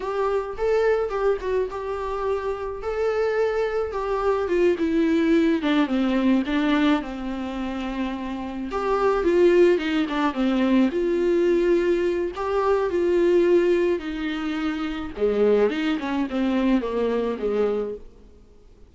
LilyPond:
\new Staff \with { instrumentName = "viola" } { \time 4/4 \tempo 4 = 107 g'4 a'4 g'8 fis'8 g'4~ | g'4 a'2 g'4 | f'8 e'4. d'8 c'4 d'8~ | d'8 c'2. g'8~ |
g'8 f'4 dis'8 d'8 c'4 f'8~ | f'2 g'4 f'4~ | f'4 dis'2 gis4 | dis'8 cis'8 c'4 ais4 gis4 | }